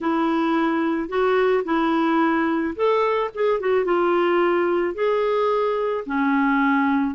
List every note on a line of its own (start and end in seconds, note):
0.00 1.08 E4
1.08 1.63 F#4
1.64 2.74 E4
2.75 3.30 A4
3.34 3.60 G#4
3.60 3.85 F#4
3.85 4.94 F4
4.94 6.04 G#4
6.06 7.15 C#4